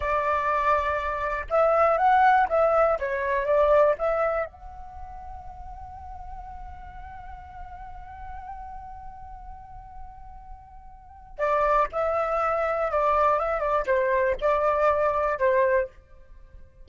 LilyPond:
\new Staff \with { instrumentName = "flute" } { \time 4/4 \tempo 4 = 121 d''2. e''4 | fis''4 e''4 cis''4 d''4 | e''4 fis''2.~ | fis''1~ |
fis''1~ | fis''2. d''4 | e''2 d''4 e''8 d''8 | c''4 d''2 c''4 | }